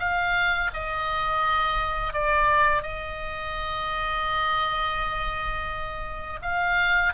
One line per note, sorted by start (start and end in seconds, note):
0.00 0.71 F5
0.74 2.14 D#5
2.14 2.83 D5
2.83 6.40 D#5
6.42 7.14 F5